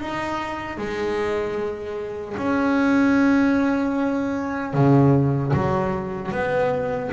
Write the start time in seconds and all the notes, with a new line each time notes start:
0.00 D#4
0.78 G#3
2.37 C#4
4.73 C#3
5.53 F#3
6.31 B3